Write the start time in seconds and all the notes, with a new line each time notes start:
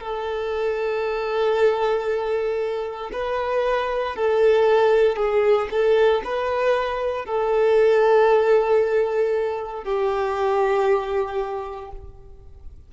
0.00 A4
3.12 B4
4.16 A4
5.16 G#4
5.70 A4
6.24 B4
7.25 A4
9.84 G4